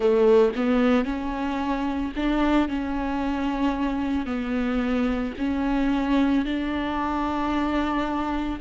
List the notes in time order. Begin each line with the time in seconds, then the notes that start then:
0.00 A3
0.55 B3
1.05 C#4
2.16 D4
2.68 C#4
4.26 B3
5.38 C#4
6.45 D4